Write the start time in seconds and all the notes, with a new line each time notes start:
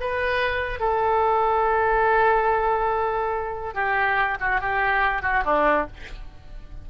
0.00 B4
0.80 A4
3.74 G4
4.40 F#4
4.61 G4
5.22 F#4
5.45 D4